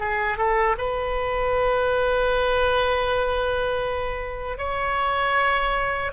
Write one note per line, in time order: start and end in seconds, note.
0.00 0.37 G#4
0.37 0.76 A4
0.78 4.58 B4
4.58 6.12 C#5